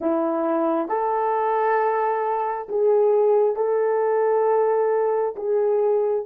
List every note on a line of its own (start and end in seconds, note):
0.00 0.88 E4
0.88 2.67 A4
2.68 3.56 G#4
3.56 5.35 A4
5.36 6.25 G#4